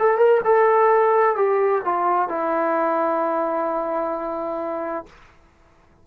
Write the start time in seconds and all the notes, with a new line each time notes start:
0.00 A4
0.18 A#4
0.44 A4
1.36 G4
1.85 F4
2.29 E4